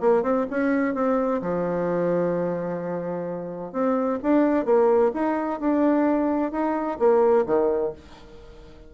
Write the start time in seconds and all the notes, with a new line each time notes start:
0.00 A#3
0.23 C4
0.50 C#4
0.94 C4
1.41 F3
3.72 C4
4.23 D4
4.65 A#3
5.14 D#4
5.60 D4
6.51 D#4
6.99 A#3
7.46 D#3